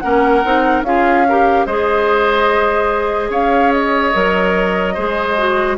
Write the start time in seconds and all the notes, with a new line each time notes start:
0.00 A#3 C#4 A#4 F#5
0.45 C4 D#4
0.83 C#4 F4 G#4 F5
1.29 G4 A#4
1.66 G#3 G#4 C5 D#5
3.30 C#4 C#5 F5
3.72 D#5
4.14 F#3 A#4
4.94 G#3 G#4 C5
5.38 F#4